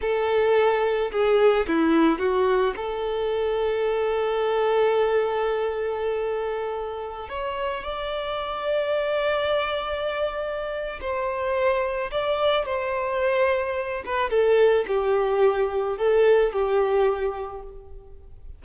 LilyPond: \new Staff \with { instrumentName = "violin" } { \time 4/4 \tempo 4 = 109 a'2 gis'4 e'4 | fis'4 a'2.~ | a'1~ | a'4~ a'16 cis''4 d''4.~ d''16~ |
d''1 | c''2 d''4 c''4~ | c''4. b'8 a'4 g'4~ | g'4 a'4 g'2 | }